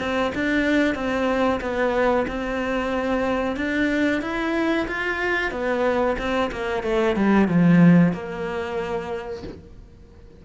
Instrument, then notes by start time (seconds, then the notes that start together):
cello
0.00 C4
0.36 D4
0.95 C4
1.61 B3
2.28 C4
3.57 D4
4.22 E4
4.88 F4
5.52 B3
6.19 C4
6.52 A#3
6.84 A3
7.17 G3
7.49 F3
8.13 A#3